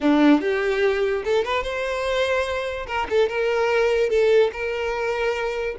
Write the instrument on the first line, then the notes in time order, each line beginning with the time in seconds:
violin
0.01 D4
0.40 G4
1.24 A4
1.44 B4
1.63 C5
2.86 A#4
3.09 A4
3.28 A#4
4.09 A4
4.52 A#4